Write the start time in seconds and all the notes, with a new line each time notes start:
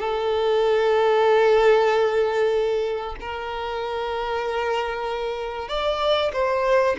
0.00 A4
3.21 A#4
5.69 D5
6.33 C5